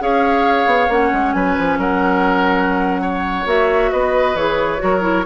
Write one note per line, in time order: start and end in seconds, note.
0.00 0.67 C#4
0.00 0.90 G#4
0.00 1.36 C#5
0.00 0.92 F5
0.67 0.89 B3
0.89 1.11 A#3
0.89 3.47 C#4
0.89 1.33 F#5
1.13 1.35 G#3
1.33 1.57 F#3
1.33 1.79 B4
1.33 1.78 G#5
1.58 1.78 F3
1.78 3.46 F#3
1.78 3.02 A#4
1.78 3.48 F#5
3.02 3.91 C#5
3.46 3.91 A#3
3.46 4.36 F#4
3.46 3.93 E5
3.93 4.35 B3
3.93 4.82 B4
3.93 4.37 D#5
4.35 4.80 E3
4.35 4.79 G#4
4.35 5.26 C#5
4.79 5.26 F#3
4.79 5.01 F#4
4.79 5.26 A#4
5.01 5.24 E4